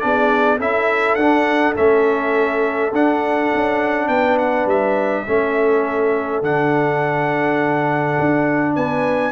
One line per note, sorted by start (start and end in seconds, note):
0.00 0.60 B3
0.00 0.59 D4
0.00 0.58 G#4
0.00 0.58 D5
0.58 1.16 C#4
0.58 1.18 E4
0.58 4.08 A4
0.58 1.15 E5
1.15 1.74 D4
1.15 1.76 D4
1.15 1.73 F#5
1.76 2.92 A3
1.76 2.92 C#4
1.76 2.93 E5
2.92 3.50 D4
2.92 5.26 D4
2.92 4.08 F#5
3.54 4.08 C#4
4.08 4.66 B3
4.08 5.25 B4
4.08 4.37 G5
4.38 4.67 F#5
4.66 5.24 G3
4.66 6.43 E5
5.26 6.42 A3
5.26 6.43 C#4
5.26 8.75 A4
6.42 8.16 D3
6.42 9.32 D4
6.42 8.75 F#5
8.19 8.76 D4
8.75 9.32 B3
8.75 9.32 B4
8.75 9.32 G#5